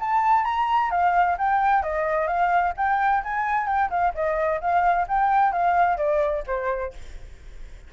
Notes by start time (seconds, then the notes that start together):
0.00 A5
0.45 A#5
0.91 F5
1.38 G5
1.83 D#5
2.27 F5
2.77 G5
3.24 G#5
3.67 G5
3.90 F5
4.15 D#5
4.61 F5
5.08 G5
5.52 F5
5.97 D5
6.47 C5